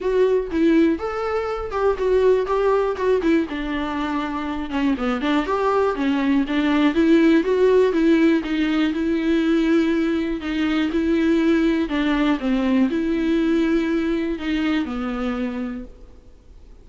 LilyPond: \new Staff \with { instrumentName = "viola" } { \time 4/4 \tempo 4 = 121 fis'4 e'4 a'4. g'8 | fis'4 g'4 fis'8 e'8 d'4~ | d'4. cis'8 b8 d'8 g'4 | cis'4 d'4 e'4 fis'4 |
e'4 dis'4 e'2~ | e'4 dis'4 e'2 | d'4 c'4 e'2~ | e'4 dis'4 b2 | }